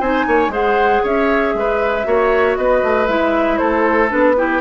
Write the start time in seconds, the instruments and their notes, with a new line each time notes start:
0.00 bassoon C4, clarinet D#4, oboe C5, flute G#5
0.27 bassoon A#3, oboe C#5
0.48 bassoon G#3, clarinet G#4, oboe C5, flute F#5
1.03 bassoon C#4, oboe C#5, flute E5
1.54 bassoon G#3, oboe B4
2.04 bassoon A#3, clarinet F#4, oboe C#5
2.56 bassoon B3, oboe B4, flute D#5
2.83 bassoon A3
3.07 bassoon G#3, clarinet E4, flute E5
3.57 bassoon A3, oboe A4, flute C5
4.09 bassoon B3, clarinet D4, flute B4
4.36 clarinet E4, oboe G4